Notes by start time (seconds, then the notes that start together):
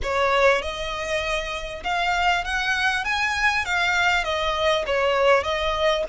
0.02 C#5
0.61 D#5
1.83 F5
2.44 F#5
3.04 G#5
3.65 F5
4.24 D#5
4.86 C#5
5.43 D#5